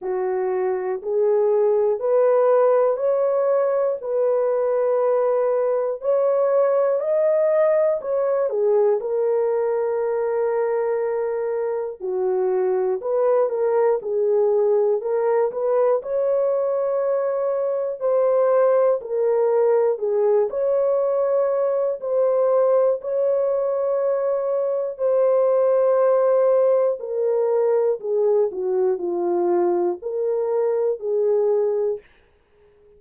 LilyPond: \new Staff \with { instrumentName = "horn" } { \time 4/4 \tempo 4 = 60 fis'4 gis'4 b'4 cis''4 | b'2 cis''4 dis''4 | cis''8 gis'8 ais'2. | fis'4 b'8 ais'8 gis'4 ais'8 b'8 |
cis''2 c''4 ais'4 | gis'8 cis''4. c''4 cis''4~ | cis''4 c''2 ais'4 | gis'8 fis'8 f'4 ais'4 gis'4 | }